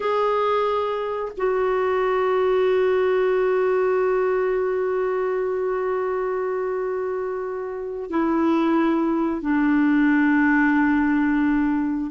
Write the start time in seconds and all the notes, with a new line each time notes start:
0.00 G#4
1.37 F#4
8.10 E4
9.41 D4